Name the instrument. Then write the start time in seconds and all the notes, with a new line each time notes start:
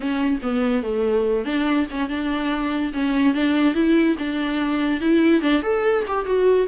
viola
0.00 C#4
0.42 B3
0.82 A3
1.45 D4
1.91 C#4
2.09 D4
2.93 C#4
3.34 D4
3.74 E4
4.18 D4
5.00 E4
5.41 D4
5.62 A4
6.07 G4
6.25 F#4